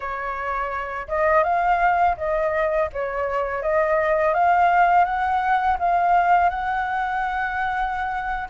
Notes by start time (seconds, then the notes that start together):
0.00 C#5
1.08 D#5
1.43 F5
2.17 D#5
2.92 C#5
3.62 D#5
4.34 F5
5.04 F#5
5.79 F5
6.49 F#5